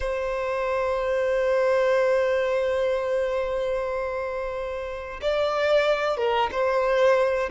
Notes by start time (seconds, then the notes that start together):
0.00 C5
5.21 D5
6.17 A#4
6.51 C5